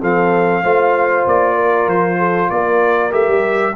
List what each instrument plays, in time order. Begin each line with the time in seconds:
0.00 tuba F3, trombone C4, horn A4, trumpet F5
0.63 tuba A3, trombone F4, horn C5
1.26 tuba A#3, trumpet D5
1.55 horn A#4
1.86 tuba F3, trumpet C5
2.18 horn A4
2.49 tuba A#3, horn A#4, trumpet D5
3.10 tuba A3, trombone G4, trumpet E5
3.27 tuba G3